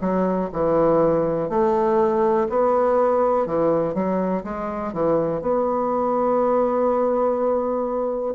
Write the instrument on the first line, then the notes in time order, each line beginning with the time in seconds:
bassoon
0.00 F#3
0.52 E3
1.49 A3
2.49 B3
3.46 E3
3.94 F#3
4.44 G#3
4.93 E3
5.41 B3